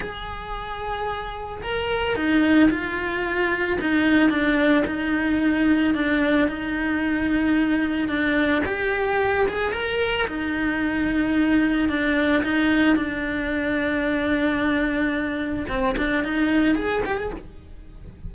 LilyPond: \new Staff \with { instrumentName = "cello" } { \time 4/4 \tempo 4 = 111 gis'2. ais'4 | dis'4 f'2 dis'4 | d'4 dis'2 d'4 | dis'2. d'4 |
g'4. gis'8 ais'4 dis'4~ | dis'2 d'4 dis'4 | d'1~ | d'4 c'8 d'8 dis'4 gis'8 g'16 gis'16 | }